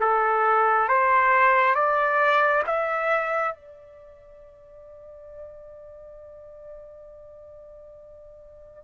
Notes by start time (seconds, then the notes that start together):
0.00 A4
0.89 C5
1.75 D5
2.67 E5
3.55 D5